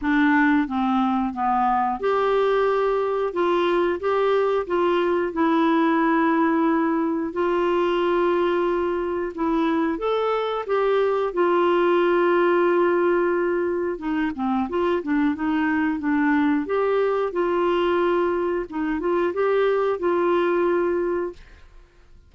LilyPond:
\new Staff \with { instrumentName = "clarinet" } { \time 4/4 \tempo 4 = 90 d'4 c'4 b4 g'4~ | g'4 f'4 g'4 f'4 | e'2. f'4~ | f'2 e'4 a'4 |
g'4 f'2.~ | f'4 dis'8 c'8 f'8 d'8 dis'4 | d'4 g'4 f'2 | dis'8 f'8 g'4 f'2 | }